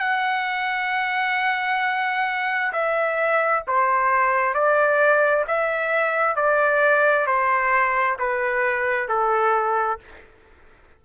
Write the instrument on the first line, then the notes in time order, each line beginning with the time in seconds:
trumpet
0.00 F#5
2.73 E5
3.68 C5
4.55 D5
5.48 E5
6.36 D5
7.27 C5
8.19 B4
9.09 A4